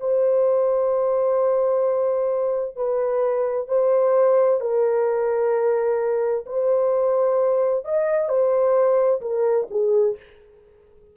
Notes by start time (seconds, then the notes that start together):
0.00 C5
2.77 B4
3.68 C5
4.61 A#4
6.47 C5
7.85 D#5
8.29 C5
9.21 A#4
9.70 G#4